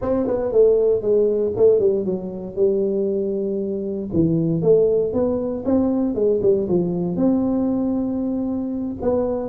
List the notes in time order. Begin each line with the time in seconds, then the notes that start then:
0.01 C4
0.27 B3
0.52 A3
1.01 G#3
1.56 A3
1.79 G3
2.05 F#3
2.55 G3
4.13 E3
4.62 A3
5.13 B3
5.65 C4
6.14 G#3
6.42 G3
6.68 F3
7.16 C4
9.01 B3